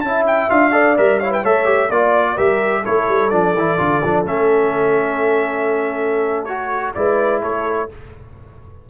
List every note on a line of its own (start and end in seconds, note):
0.00 0.49 C#4
0.00 0.49 E4
0.00 0.23 A5
0.07 0.73 E5
0.26 0.50 G5
0.49 0.98 D4
0.49 0.71 F4
0.49 0.97 F5
0.71 0.95 A4
0.71 1.20 D5
0.97 1.43 G3
0.97 1.20 A#4
0.97 1.19 E5
1.19 1.45 E4
1.19 1.31 C#5
1.19 1.31 F5
1.31 1.42 B4
1.31 1.45 G5
1.42 1.89 A3
1.42 1.65 A4
1.42 1.89 C#5
1.42 1.91 E5
1.65 1.88 G4
1.89 2.36 A#3
1.89 2.37 F4
1.89 2.36 D5
1.89 2.37 D5
2.36 2.85 G3
2.36 2.84 G4
2.36 2.82 A#4
2.36 2.84 E5
2.82 3.08 A3
2.82 3.31 E4
2.82 6.92 A4
2.82 3.29 C#5
3.08 3.32 G3
3.29 3.54 F3
3.29 3.54 D4
3.29 4.23 D5
3.54 3.78 E3
3.54 3.78 E4
3.78 4.03 D3
3.78 4.01 F4
4.03 4.24 F3
4.03 4.25 D4
4.24 6.94 A3
4.24 6.48 C#4
4.24 6.44 E5
6.44 6.95 F#4
6.44 6.91 C#5
6.94 7.42 G#3
6.94 7.89 E4
6.94 7.42 B4
6.94 7.41 D5
7.42 7.89 A3
7.42 7.89 A4
7.42 7.89 C#5